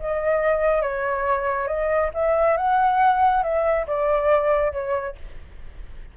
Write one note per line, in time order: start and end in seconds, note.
0.00 0.82 D#5
0.82 1.67 C#5
1.67 2.11 D#5
2.14 2.57 E5
2.57 3.43 F#5
3.43 3.87 E5
3.87 4.72 D5
4.72 5.16 C#5